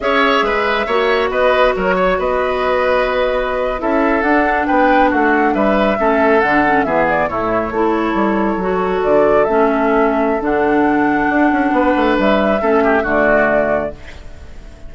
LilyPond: <<
  \new Staff \with { instrumentName = "flute" } { \time 4/4 \tempo 4 = 138 e''2. dis''4 | cis''4 dis''2.~ | dis''8. e''4 fis''4 g''4 fis''16~ | fis''8. e''2 fis''4 e''16~ |
e''16 d''8 cis''2.~ cis''16~ | cis''8. d''4 e''2~ e''16 | fis''1 | e''2 d''2 | }
  \new Staff \with { instrumentName = "oboe" } { \time 4/4 cis''4 b'4 cis''4 b'4 | ais'8 cis''8 b'2.~ | b'8. a'2 b'4 fis'16~ | fis'8. b'4 a'2 gis'16~ |
gis'8. e'4 a'2~ a'16~ | a'1~ | a'2. b'4~ | b'4 a'8 g'8 fis'2 | }
  \new Staff \with { instrumentName = "clarinet" } { \time 4/4 gis'2 fis'2~ | fis'1~ | fis'8. e'4 d'2~ d'16~ | d'4.~ d'16 cis'4 d'8 cis'8 b16~ |
b8. a4 e'2 fis'16~ | fis'4.~ fis'16 cis'2~ cis'16 | d'1~ | d'4 cis'4 a2 | }
  \new Staff \with { instrumentName = "bassoon" } { \time 4/4 cis'4 gis4 ais4 b4 | fis4 b2.~ | b8. cis'4 d'4 b4 a16~ | a8. g4 a4 d4 e16~ |
e8. a,4 a4 g4 fis16~ | fis8. d4 a2~ a16 | d2 d'8 cis'8 b8 a8 | g4 a4 d2 | }
>>